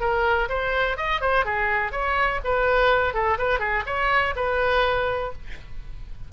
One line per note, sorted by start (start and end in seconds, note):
0.00 0.48 A#4
0.49 0.97 C5
0.97 1.21 D#5
1.21 1.45 C5
1.45 1.91 G#4
1.91 2.40 C#5
2.44 3.13 B4
3.13 3.38 A4
3.38 3.59 B4
3.59 3.83 G#4
3.86 4.34 C#5
4.35 5.32 B4